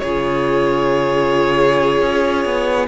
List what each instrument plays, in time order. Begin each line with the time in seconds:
0.00 cello C#3, viola F4, violin G#4 C#5
2.02 cello C#4
2.45 cello B3